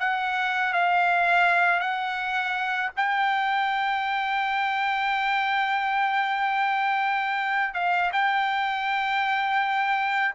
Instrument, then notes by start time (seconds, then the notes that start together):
trumpet
0.00 F#5
0.73 F5
1.80 F#5
2.97 G5
7.74 F5
8.13 G5